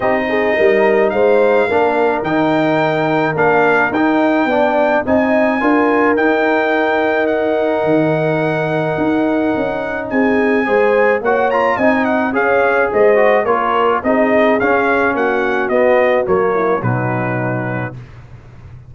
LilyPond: <<
  \new Staff \with { instrumentName = "trumpet" } { \time 4/4 \tempo 4 = 107 dis''2 f''2 | g''2 f''4 g''4~ | g''4 gis''2 g''4~ | g''4 fis''2.~ |
fis''2 gis''2 | fis''8 ais''8 gis''8 fis''8 f''4 dis''4 | cis''4 dis''4 f''4 fis''4 | dis''4 cis''4 b'2 | }
  \new Staff \with { instrumentName = "horn" } { \time 4/4 g'8 gis'8 ais'4 c''4 ais'4~ | ais'1 | d''4 dis''4 ais'2~ | ais'1~ |
ais'2 gis'4 c''4 | cis''4 dis''4 cis''4 c''4 | ais'4 gis'2 fis'4~ | fis'4. e'8 dis'2 | }
  \new Staff \with { instrumentName = "trombone" } { \time 4/4 dis'2. d'4 | dis'2 d'4 dis'4 | d'4 dis'4 f'4 dis'4~ | dis'1~ |
dis'2. gis'4 | fis'8 f'8 dis'4 gis'4. fis'8 | f'4 dis'4 cis'2 | b4 ais4 fis2 | }
  \new Staff \with { instrumentName = "tuba" } { \time 4/4 c'4 g4 gis4 ais4 | dis2 ais4 dis'4 | b4 c'4 d'4 dis'4~ | dis'2 dis2 |
dis'4 cis'4 c'4 gis4 | ais4 c'4 cis'4 gis4 | ais4 c'4 cis'4 ais4 | b4 fis4 b,2 | }
>>